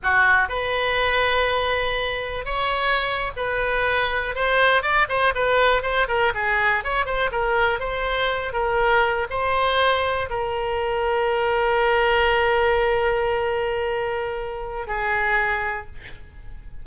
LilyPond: \new Staff \with { instrumentName = "oboe" } { \time 4/4 \tempo 4 = 121 fis'4 b'2.~ | b'4 cis''4.~ cis''16 b'4~ b'16~ | b'8. c''4 d''8 c''8 b'4 c''16~ | c''16 ais'8 gis'4 cis''8 c''8 ais'4 c''16~ |
c''4~ c''16 ais'4. c''4~ c''16~ | c''8. ais'2.~ ais'16~ | ais'1~ | ais'2 gis'2 | }